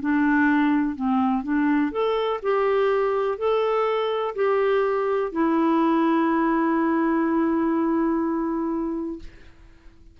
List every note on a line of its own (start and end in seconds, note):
0.00 0.95 D4
0.95 1.43 C4
1.43 1.91 D4
1.92 2.40 A4
2.42 3.38 G4
3.38 4.34 A4
4.35 5.32 G4
5.32 9.19 E4